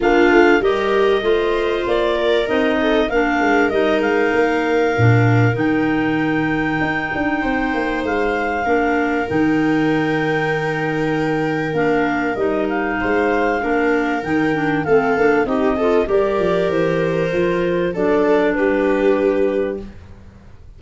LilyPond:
<<
  \new Staff \with { instrumentName = "clarinet" } { \time 4/4 \tempo 4 = 97 f''4 dis''2 d''4 | dis''4 f''4 dis''8 f''4.~ | f''4 g''2.~ | g''4 f''2 g''4~ |
g''2. f''4 | dis''8 f''2~ f''8 g''4 | f''4 dis''4 d''4 c''4~ | c''4 d''4 b'2 | }
  \new Staff \with { instrumentName = "viola" } { \time 4/4 f'4 ais'4 c''4. ais'8~ | ais'8 a'8 ais'2.~ | ais'1 | c''2 ais'2~ |
ais'1~ | ais'4 c''4 ais'2 | a'4 g'8 a'8 ais'2~ | ais'4 a'4 g'2 | }
  \new Staff \with { instrumentName = "clarinet" } { \time 4/4 d'4 g'4 f'2 | dis'4 d'4 dis'2 | d'4 dis'2.~ | dis'2 d'4 dis'4~ |
dis'2. d'4 | dis'2 d'4 dis'8 d'8 | c'8 d'8 dis'8 f'8 g'2 | f'4 d'2. | }
  \new Staff \with { instrumentName = "tuba" } { \time 4/4 ais8 a8 g4 a4 ais4 | c'4 ais8 gis8 g8 gis8 ais4 | ais,4 dis2 dis'8 d'8 | c'8 ais8 gis4 ais4 dis4~ |
dis2. ais4 | g4 gis4 ais4 dis4 | a8 ais8 c'4 g8 f8 e4 | f4 fis4 g2 | }
>>